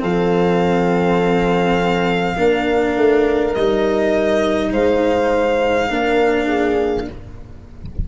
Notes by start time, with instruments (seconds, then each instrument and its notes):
0.00 tuba F3, cello C4, horn A4, violin F5
2.38 tuba A#3, cello D4, horn A#4
2.97 tuba A3
3.55 tuba G3, cello D#4, violin D#5
4.72 tuba G#3, horn C5, violin F5
5.90 tuba A#3, cello D4, horn A#4
6.47 horn G#4